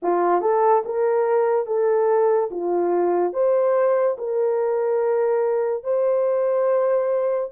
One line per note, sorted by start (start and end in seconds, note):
0.02 0.41 F4
0.41 0.83 A4
0.85 1.66 A#4
1.66 2.49 A4
2.50 3.33 F4
3.33 4.16 C5
4.18 5.83 A#4
5.83 7.50 C5